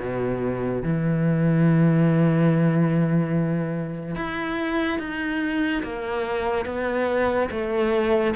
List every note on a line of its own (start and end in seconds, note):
0.00 0.83 B2
0.83 4.16 E3
4.16 4.99 E4
4.99 5.83 D#4
5.83 6.66 A#3
6.66 7.49 B3
7.51 8.34 A3